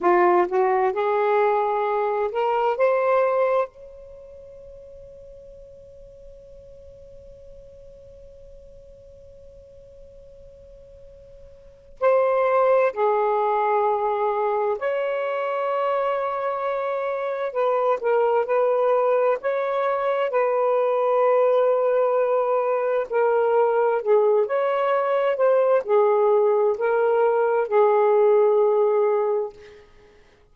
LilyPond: \new Staff \with { instrumentName = "saxophone" } { \time 4/4 \tempo 4 = 65 f'8 fis'8 gis'4. ais'8 c''4 | cis''1~ | cis''1~ | cis''4 c''4 gis'2 |
cis''2. b'8 ais'8 | b'4 cis''4 b'2~ | b'4 ais'4 gis'8 cis''4 c''8 | gis'4 ais'4 gis'2 | }